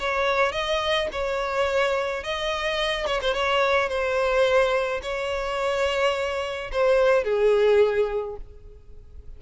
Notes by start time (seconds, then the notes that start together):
0.00 C#5
0.53 D#5
1.13 C#5
2.24 D#5
3.07 C#5
3.22 C5
3.34 C#5
3.89 C5
5.03 C#5
6.73 C5
7.25 G#4